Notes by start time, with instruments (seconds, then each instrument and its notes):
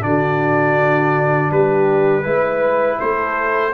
0.00 tuba D3, trombone D4, horn F#4, trumpet D5
1.50 tuba G3, horn G4, trumpet B4
2.23 tuba G#3, trombone E4, horn B4
2.99 tuba A3, horn A4, trumpet C5